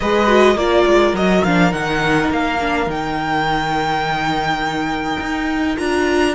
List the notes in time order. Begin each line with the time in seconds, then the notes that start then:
0.00 G#3 G#4 B4 D#5
0.26 F#4
0.55 A#3 F4 A#4 D5
0.86 G#3
1.13 F#3 F#4 D#5
1.43 F3 D4 F5
1.71 D#3 D#4 F#5
2.30 A#3 F5
2.60 D4
2.86 D#3 D#4 G5
5.19 D#4
5.77 D4 F4 A#5